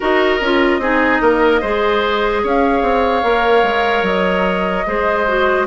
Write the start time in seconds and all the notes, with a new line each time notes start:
0.00 D#4 F#4 A#4 D#5
0.41 C#4 F4
0.78 C4 D#4 G#4
1.21 A#3 A#4
1.60 G#3 G#4 C5
2.43 C#4 C#5 F5
2.82 C4
3.23 A#3 A#4
3.62 G#3
4.02 F#3 D#5
4.86 G#3 G#4 C5
5.27 F#4